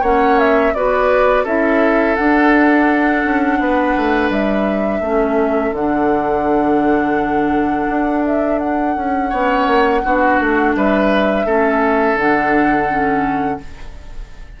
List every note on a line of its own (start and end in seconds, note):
0.00 0.73 A#3
0.00 0.74 C#4
0.00 0.71 C#5
0.00 0.38 F#5
0.38 0.73 E5
0.73 1.44 B3
0.73 1.45 F#4
0.73 1.43 B4
0.73 1.45 D5
1.43 2.16 C#4
1.43 2.17 E4
1.43 3.57 A4
1.43 2.15 E5
2.15 5.03 D4
2.15 3.24 D4
2.15 4.29 F#5
3.24 3.58 C#4
3.58 3.94 B3
3.58 5.00 B4
3.96 4.29 A3
4.29 5.00 G3
4.29 5.74 E5
5.00 5.71 A3
5.00 5.75 C#4
5.00 9.29 A4
5.72 7.86 D3
5.72 9.32 D4
5.72 8.25 F#5
7.89 8.96 D4
8.25 8.58 E5
8.58 10.73 F#5
8.96 9.32 C#4
9.29 9.66 B3
9.29 10.03 C#4
9.29 10.00 C#5
9.66 10.02 A#3
10.04 10.39 B3
10.04 11.46 D4
10.04 10.76 F#4
10.39 10.75 A3
10.75 11.45 G3
10.75 11.45 B4
10.75 12.17 E5
11.45 12.14 A3
11.45 12.17 C#4
11.45 13.60 A4
12.14 13.57 D3
12.14 12.88 D4
12.14 13.60 F#5
12.88 13.60 C#4